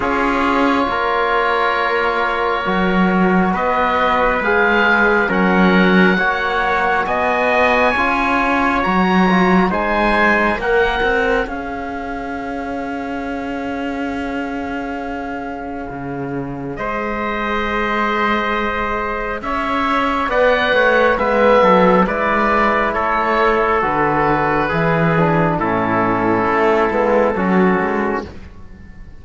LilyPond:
<<
  \new Staff \with { instrumentName = "oboe" } { \time 4/4 \tempo 4 = 68 cis''1 | dis''4 f''4 fis''2 | gis''2 ais''4 gis''4 | fis''4 f''2.~ |
f''2. dis''4~ | dis''2 e''4 fis''4 | e''4 d''4 cis''4 b'4~ | b'4 a'2. | }
  \new Staff \with { instrumentName = "trumpet" } { \time 4/4 gis'4 ais'2. | b'2 ais'4 cis''4 | dis''4 cis''2 c''4 | cis''1~ |
cis''2. c''4~ | c''2 cis''4 d''8 cis''8 | b'8 a'8 b'4 a'2 | gis'4 e'2 fis'4 | }
  \new Staff \with { instrumentName = "trombone" } { \time 4/4 f'2. fis'4~ | fis'4 gis'4 cis'4 fis'4~ | fis'4 f'4 fis'8 f'8 dis'4 | ais'4 gis'2.~ |
gis'1~ | gis'2. b'4 | b4 e'2 fis'4 | e'8 d'8 cis'4. b8 cis'4 | }
  \new Staff \with { instrumentName = "cello" } { \time 4/4 cis'4 ais2 fis4 | b4 gis4 fis4 ais4 | b4 cis'4 fis4 gis4 | ais8 c'8 cis'2.~ |
cis'2 cis4 gis4~ | gis2 cis'4 b8 a8 | gis8 fis8 gis4 a4 d4 | e4 a,4 a8 gis8 fis8 gis8 | }
>>